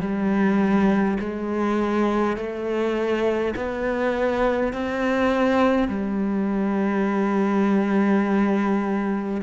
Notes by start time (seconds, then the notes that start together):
0.00 G3
1.20 G#3
2.37 A3
3.56 B3
4.73 C4
5.88 G3